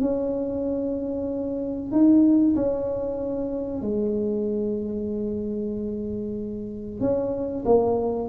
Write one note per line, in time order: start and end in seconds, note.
0.00 1.91 C#4
1.91 2.55 D#4
2.55 3.81 C#4
3.81 7.00 G#3
7.00 7.64 C#4
7.65 8.28 A#3